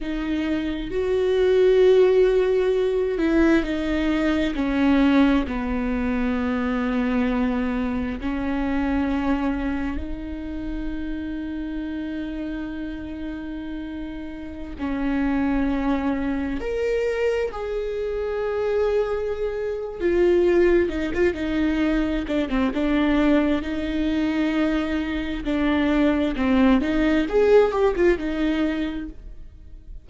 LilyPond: \new Staff \with { instrumentName = "viola" } { \time 4/4 \tempo 4 = 66 dis'4 fis'2~ fis'8 e'8 | dis'4 cis'4 b2~ | b4 cis'2 dis'4~ | dis'1~ |
dis'16 cis'2 ais'4 gis'8.~ | gis'2 f'4 dis'16 f'16 dis'8~ | dis'8 d'16 c'16 d'4 dis'2 | d'4 c'8 dis'8 gis'8 g'16 f'16 dis'4 | }